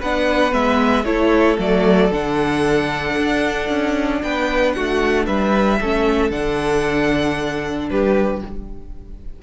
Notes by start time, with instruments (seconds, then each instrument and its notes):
0.00 cello B3, viola D4, violin B4 F#5
0.52 cello G#3, viola B3, violin E5
1.05 cello A3, viola E4, violin A4 C#5
1.58 cello F#3, viola A3, violin D5
2.12 cello D3, viola D4, violin F#5
3.18 cello D4
3.70 cello C#4
4.23 cello B3, violin B4 G5
4.73 cello A3, violin F#4 F#5
5.27 cello G3, violin B4 E5
5.81 cello A3, viola C#4, violin A4
6.31 cello D3, viola D4, violin F#5
7.90 cello G3, violin G4 B4